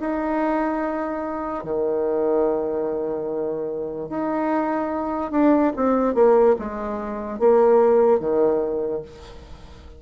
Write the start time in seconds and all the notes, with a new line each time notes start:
0.00 D#4
1.64 D#3
4.09 D#4
5.31 D4
5.76 C4
6.15 A#3
6.59 G#3
7.39 A#3
8.20 D#3